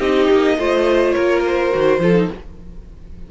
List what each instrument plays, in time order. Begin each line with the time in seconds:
0.00 cello C4, viola D#4, violin G4 D#5
0.31 cello A#3
0.58 cello A3, viola F4, violin C5
1.12 cello A#3, violin A#4 C#5
1.45 violin C5
1.72 cello D#3, viola F#4
1.99 cello F3, viola F4, violin A4
2.15 viola D#4